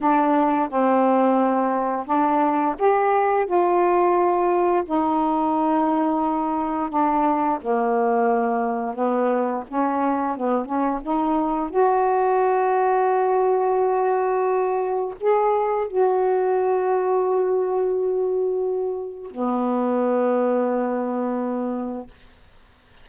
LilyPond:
\new Staff \with { instrumentName = "saxophone" } { \time 4/4 \tempo 4 = 87 d'4 c'2 d'4 | g'4 f'2 dis'4~ | dis'2 d'4 ais4~ | ais4 b4 cis'4 b8 cis'8 |
dis'4 fis'2.~ | fis'2 gis'4 fis'4~ | fis'1 | b1 | }